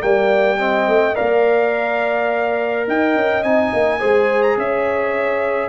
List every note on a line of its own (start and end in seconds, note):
0.00 0.87 G3
0.00 0.57 A#3
0.00 0.59 D5
0.00 1.15 G5
0.58 1.14 C4
0.58 1.16 D#5
0.87 1.16 A3
1.14 2.87 A#3
1.14 3.43 A#4
1.14 2.87 D5
1.14 2.87 F5
2.87 3.15 D#4
2.87 3.99 D#5
2.87 3.43 G5
3.15 3.43 C#4
3.43 3.72 C4
3.43 3.99 D#4
3.43 4.42 G#5
3.73 4.02 A#3
3.99 4.57 G#3
3.99 5.69 G#4
3.99 4.56 C5
4.42 4.57 A#5
4.57 5.69 C#4
4.57 5.69 C#5
4.57 5.69 E5